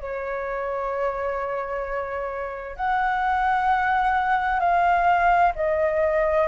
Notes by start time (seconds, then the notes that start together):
0.00 C#5
2.76 F#5
4.60 F5
5.55 D#5